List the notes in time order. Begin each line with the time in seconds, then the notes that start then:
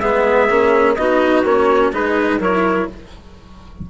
0.00 G#3 B3 G#4 E5
0.50 A#3 C#4
0.96 B3 D#4 F#4 D#5
1.44 A#3 C#4 C#5
1.93 G#3 D#4 G#4 B4
2.39 F#3 E4 A#4 C#5